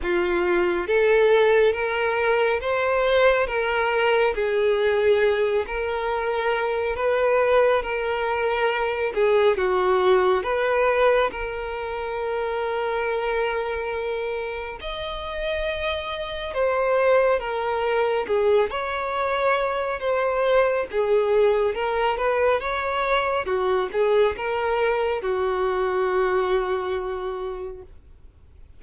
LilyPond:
\new Staff \with { instrumentName = "violin" } { \time 4/4 \tempo 4 = 69 f'4 a'4 ais'4 c''4 | ais'4 gis'4. ais'4. | b'4 ais'4. gis'8 fis'4 | b'4 ais'2.~ |
ais'4 dis''2 c''4 | ais'4 gis'8 cis''4. c''4 | gis'4 ais'8 b'8 cis''4 fis'8 gis'8 | ais'4 fis'2. | }